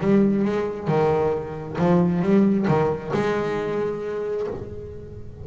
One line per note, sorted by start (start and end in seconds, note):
0.00 0.44 G3
0.44 0.87 G#3
0.87 1.76 D#3
1.78 2.22 F3
2.22 2.66 G3
2.67 3.12 D#3
3.13 4.47 G#3